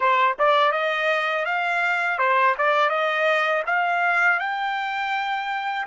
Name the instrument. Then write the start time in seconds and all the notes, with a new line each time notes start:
trumpet
0.00 C5
0.38 D5
0.72 D#5
1.45 F5
2.18 C5
2.58 D5
2.89 D#5
3.66 F5
4.39 G5